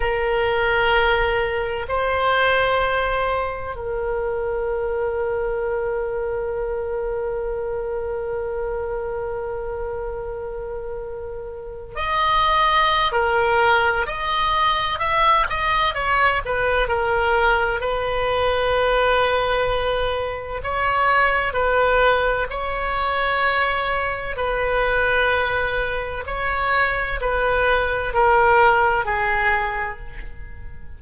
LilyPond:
\new Staff \with { instrumentName = "oboe" } { \time 4/4 \tempo 4 = 64 ais'2 c''2 | ais'1~ | ais'1~ | ais'8. dis''4~ dis''16 ais'4 dis''4 |
e''8 dis''8 cis''8 b'8 ais'4 b'4~ | b'2 cis''4 b'4 | cis''2 b'2 | cis''4 b'4 ais'4 gis'4 | }